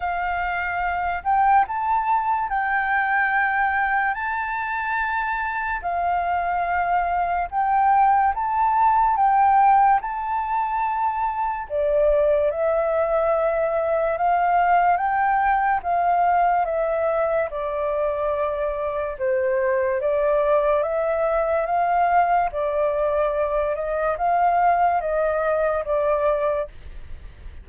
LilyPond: \new Staff \with { instrumentName = "flute" } { \time 4/4 \tempo 4 = 72 f''4. g''8 a''4 g''4~ | g''4 a''2 f''4~ | f''4 g''4 a''4 g''4 | a''2 d''4 e''4~ |
e''4 f''4 g''4 f''4 | e''4 d''2 c''4 | d''4 e''4 f''4 d''4~ | d''8 dis''8 f''4 dis''4 d''4 | }